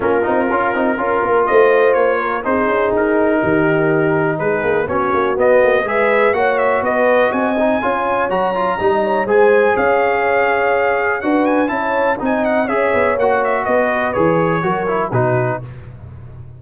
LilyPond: <<
  \new Staff \with { instrumentName = "trumpet" } { \time 4/4 \tempo 4 = 123 ais'2. dis''4 | cis''4 c''4 ais'2~ | ais'4 b'4 cis''4 dis''4 | e''4 fis''8 e''8 dis''4 gis''4~ |
gis''4 ais''2 gis''4 | f''2. fis''8 gis''8 | a''4 gis''8 fis''8 e''4 fis''8 e''8 | dis''4 cis''2 b'4 | }
  \new Staff \with { instrumentName = "horn" } { \time 4/4 f'2 ais'4 c''4~ | c''8 ais'8 gis'2 g'4~ | g'4 gis'4 fis'2 | b'4 cis''4 b'4 dis''4 |
cis''2 dis''8 cis''8 c''4 | cis''2. b'4 | cis''4 dis''4 cis''2 | b'2 ais'4 fis'4 | }
  \new Staff \with { instrumentName = "trombone" } { \time 4/4 cis'8 dis'8 f'8 dis'8 f'2~ | f'4 dis'2.~ | dis'2 cis'4 b4 | gis'4 fis'2~ fis'8 dis'8 |
f'4 fis'8 f'8 dis'4 gis'4~ | gis'2. fis'4 | e'4 dis'4 gis'4 fis'4~ | fis'4 gis'4 fis'8 e'8 dis'4 | }
  \new Staff \with { instrumentName = "tuba" } { \time 4/4 ais8 c'8 cis'8 c'8 cis'8 ais8 a4 | ais4 c'8 cis'8 dis'4 dis4~ | dis4 gis8 ais8 b8 ais8 b8 ais8 | gis4 ais4 b4 c'4 |
cis'4 fis4 g4 gis4 | cis'2. d'4 | cis'4 c'4 cis'8 b8 ais4 | b4 e4 fis4 b,4 | }
>>